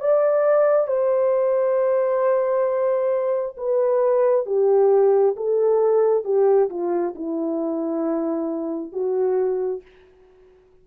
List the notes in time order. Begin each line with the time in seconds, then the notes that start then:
0.00 D5
0.87 C5
3.57 B4
4.46 G4
5.36 A4
6.24 G4
6.70 F4
7.16 E4
8.92 F#4